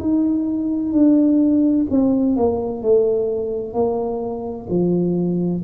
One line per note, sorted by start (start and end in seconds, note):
0.00 0.93 D#4
0.93 1.87 D4
1.90 2.37 C4
2.37 2.83 A#3
2.83 3.74 A3
3.74 4.67 A#3
4.70 5.64 F3